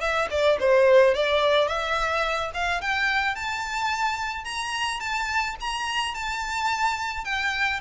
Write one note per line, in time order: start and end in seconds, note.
0.00 0.28 E5
0.30 0.58 D5
0.60 1.14 C5
1.14 1.68 D5
1.68 2.51 E5
2.54 2.81 F5
2.81 3.35 G5
3.35 4.44 A5
4.44 5.00 A#5
5.00 5.55 A5
5.60 6.14 A#5
6.14 7.24 A5
7.24 7.80 G5